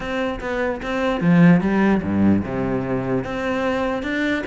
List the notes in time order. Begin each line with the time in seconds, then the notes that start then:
0.00 C4
0.40 B3
0.82 C4
1.20 F3
1.60 G3
2.02 G2
2.44 C3
3.24 C4
4.02 D4